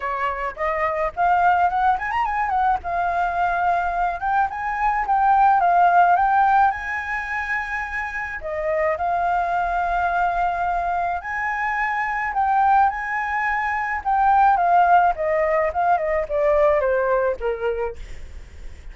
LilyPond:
\new Staff \with { instrumentName = "flute" } { \time 4/4 \tempo 4 = 107 cis''4 dis''4 f''4 fis''8 gis''16 ais''16 | gis''8 fis''8 f''2~ f''8 g''8 | gis''4 g''4 f''4 g''4 | gis''2. dis''4 |
f''1 | gis''2 g''4 gis''4~ | gis''4 g''4 f''4 dis''4 | f''8 dis''8 d''4 c''4 ais'4 | }